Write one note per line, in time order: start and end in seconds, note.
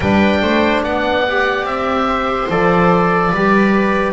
0.00 0.42 G3
0.00 1.26 D4
0.00 0.40 B4
0.00 0.81 G5
0.42 0.83 A3
0.42 0.83 C5
0.83 1.64 B3
0.83 2.08 D5
0.83 1.65 F#5
1.26 2.49 G4
1.64 2.47 C4
1.64 2.49 E5
2.08 3.30 C5
2.49 3.32 F3
2.49 3.33 A4
2.49 4.13 D5
3.30 4.13 G3
3.30 4.13 B4
3.36 4.13 G4